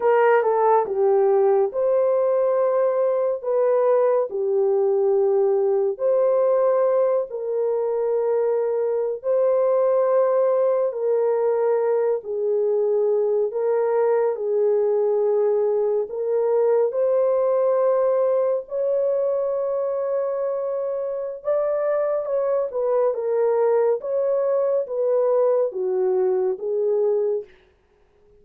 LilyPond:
\new Staff \with { instrumentName = "horn" } { \time 4/4 \tempo 4 = 70 ais'8 a'8 g'4 c''2 | b'4 g'2 c''4~ | c''8 ais'2~ ais'16 c''4~ c''16~ | c''8. ais'4. gis'4. ais'16~ |
ais'8. gis'2 ais'4 c''16~ | c''4.~ c''16 cis''2~ cis''16~ | cis''4 d''4 cis''8 b'8 ais'4 | cis''4 b'4 fis'4 gis'4 | }